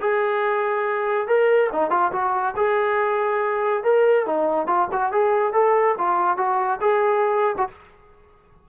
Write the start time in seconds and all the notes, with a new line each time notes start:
0.00 G#4
1.27 A#4
1.72 D#4
1.90 F4
2.12 F#4
2.56 G#4
3.83 A#4
4.26 D#4
4.67 F4
4.91 F#4
5.12 G#4
5.52 A4
5.98 F4
6.37 F#4
6.81 G#4
7.57 F#4